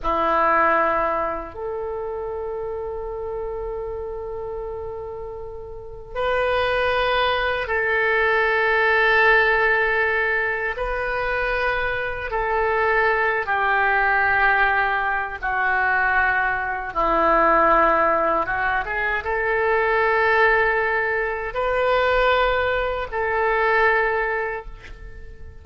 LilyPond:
\new Staff \with { instrumentName = "oboe" } { \time 4/4 \tempo 4 = 78 e'2 a'2~ | a'1 | b'2 a'2~ | a'2 b'2 |
a'4. g'2~ g'8 | fis'2 e'2 | fis'8 gis'8 a'2. | b'2 a'2 | }